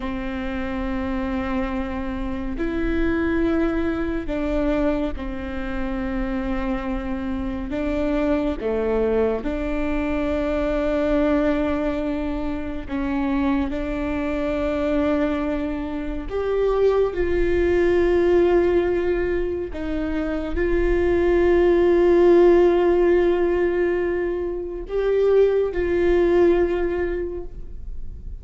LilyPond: \new Staff \with { instrumentName = "viola" } { \time 4/4 \tempo 4 = 70 c'2. e'4~ | e'4 d'4 c'2~ | c'4 d'4 a4 d'4~ | d'2. cis'4 |
d'2. g'4 | f'2. dis'4 | f'1~ | f'4 g'4 f'2 | }